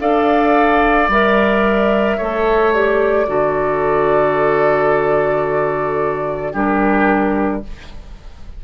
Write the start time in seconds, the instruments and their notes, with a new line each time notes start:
0.00 bassoon D4, clarinet A4, oboe D5, flute F5
1.08 bassoon G3, clarinet A#4, flute E5
2.17 bassoon A3, clarinet A4, oboe C#5
2.73 clarinet G4, flute D5
3.27 bassoon D3, clarinet F#4, oboe A4
6.52 bassoon G3, clarinet D4, oboe G4, flute A#4